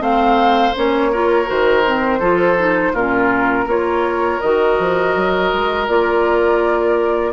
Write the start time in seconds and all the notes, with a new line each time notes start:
0.00 A3 C4 C5 F5
0.75 A#3 C#4 C#5
1.12 F4 A#4
1.46 D#3 F#4 C5
1.86 C4
2.19 F3 F4 A4
2.57 D#4
2.93 A#2 C#4 F4 A#4
3.65 A#3 F4 A#4 C#5
4.40 D#3 F#4 D#5
4.79 F3
5.16 F#3
5.53 G#3
5.88 A#3 F4 D5